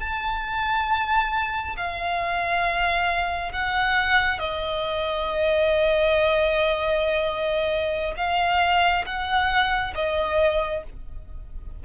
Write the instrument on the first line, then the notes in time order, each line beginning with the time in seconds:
violin
0.00 A5
1.76 F5
3.52 F#5
4.39 D#5
8.17 F5
9.06 F#5
9.95 D#5